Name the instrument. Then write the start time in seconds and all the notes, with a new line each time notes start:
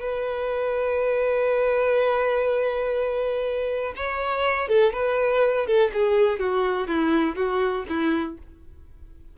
violin
0.00 B4
3.96 C#5
4.68 A4
4.93 B4
5.66 A4
5.93 G#4
6.39 F#4
6.87 E4
7.35 F#4
7.88 E4